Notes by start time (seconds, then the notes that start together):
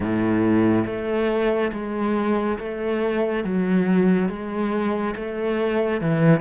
0.00 A2
0.86 A3
1.72 G#3
2.59 A3
3.44 F#3
4.29 G#3
5.15 A3
6.00 E3